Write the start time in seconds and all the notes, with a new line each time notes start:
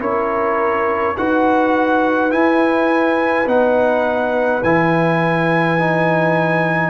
0.00 C#4 E4 A#4 C#5
1.17 D#4 F#4 B4 F#5
2.30 E4 G#5
3.46 B3 D#4 F#5
4.63 E3 E4 G#5
5.79 D#4